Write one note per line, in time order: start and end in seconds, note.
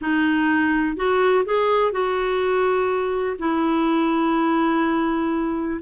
0.01 0.96 D#4
0.96 1.45 F#4
1.45 1.91 G#4
1.91 3.37 F#4
3.38 5.80 E4